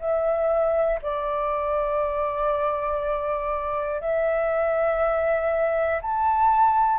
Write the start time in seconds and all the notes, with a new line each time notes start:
0.00 E5
1.02 D5
4.00 E5
6.02 A5